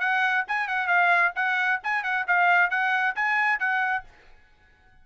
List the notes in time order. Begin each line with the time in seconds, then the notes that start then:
0.00 F#5
0.48 G#5
0.68 F#5
0.88 F5
1.36 F#5
1.83 G#5
2.04 F#5
2.28 F5
2.70 F#5
3.16 G#5
3.60 F#5